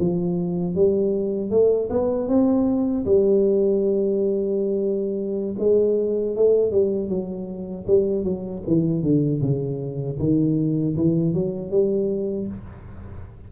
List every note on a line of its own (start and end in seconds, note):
0.00 0.75 F3
0.75 1.51 G3
1.51 1.89 A3
1.90 2.28 B3
2.28 3.05 C4
3.05 5.55 G3
5.59 6.36 G#3
6.36 6.72 A3
6.72 7.08 G3
7.08 7.85 F#3
7.87 8.24 G3
8.24 8.62 F#3
8.67 9.03 E3
9.03 9.41 D3
9.41 10.18 C#3
10.19 10.96 D#3
10.96 11.34 E3
11.34 11.70 F#3
11.70 12.47 G3